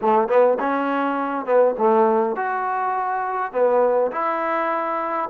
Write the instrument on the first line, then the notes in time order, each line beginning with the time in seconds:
trombone
0.01 A3
0.28 B3
0.59 C#4
1.45 B3
1.78 A3
2.35 F#4
3.52 B3
4.11 E4